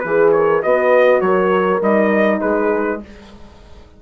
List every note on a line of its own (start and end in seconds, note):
0.00 0.63 E3
0.00 0.63 G#4
0.00 0.35 G#4
0.00 0.30 B4
0.32 0.62 A#4
0.32 0.62 C#5
0.62 1.21 B3
0.62 1.82 F#4
0.62 1.21 B4
0.62 1.21 D#5
1.21 1.81 F#3
1.21 2.40 A#4
1.21 1.80 C#5
1.81 2.40 G3
1.81 3.01 D#4
1.81 2.41 D#5
2.40 3.02 G#3
2.40 3.00 G#4
2.40 3.00 B4